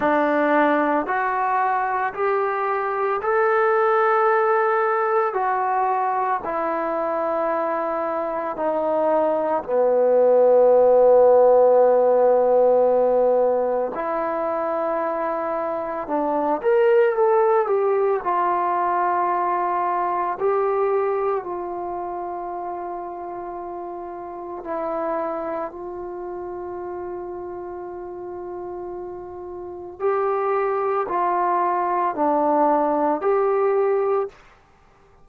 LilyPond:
\new Staff \with { instrumentName = "trombone" } { \time 4/4 \tempo 4 = 56 d'4 fis'4 g'4 a'4~ | a'4 fis'4 e'2 | dis'4 b2.~ | b4 e'2 d'8 ais'8 |
a'8 g'8 f'2 g'4 | f'2. e'4 | f'1 | g'4 f'4 d'4 g'4 | }